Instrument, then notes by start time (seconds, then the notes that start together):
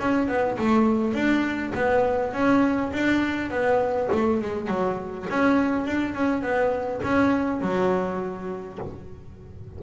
double bass
0.00 C#4
0.28 B3
0.59 A3
1.14 D4
1.75 B3
2.33 C#4
2.93 D4
3.51 B3
4.12 A3
4.41 G#3
4.68 F#3
5.30 C#4
5.86 D4
6.15 C#4
6.43 B3
7.03 C#4
7.61 F#3